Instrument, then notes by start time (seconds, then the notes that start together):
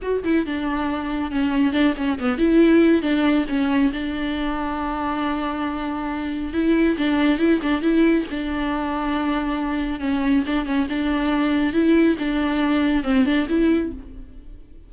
viola
0.01 F#4
0.24 E4
0.46 D4
1.31 C#4
1.72 D4
1.96 C#4
2.19 B3
2.38 E4
3.02 D4
3.48 C#4
3.92 D4
6.53 E4
6.97 D4
7.38 E4
7.62 D4
7.81 E4
8.30 D4
10.00 C#4
10.46 D4
10.65 C#4
10.89 D4
11.73 E4
12.18 D4
13.03 C4
13.25 D4
13.48 E4